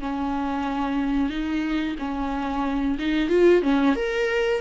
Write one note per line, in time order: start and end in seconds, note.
0.00 1.29 C#4
1.29 1.95 D#4
1.99 2.98 C#4
2.99 3.29 D#4
3.29 3.62 F4
3.62 3.95 C#4
3.96 4.61 A#4